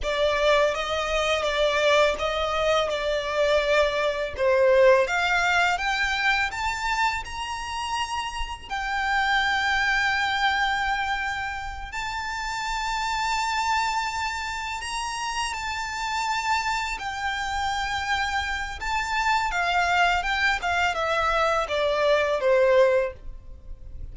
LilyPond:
\new Staff \with { instrumentName = "violin" } { \time 4/4 \tempo 4 = 83 d''4 dis''4 d''4 dis''4 | d''2 c''4 f''4 | g''4 a''4 ais''2 | g''1~ |
g''8 a''2.~ a''8~ | a''8 ais''4 a''2 g''8~ | g''2 a''4 f''4 | g''8 f''8 e''4 d''4 c''4 | }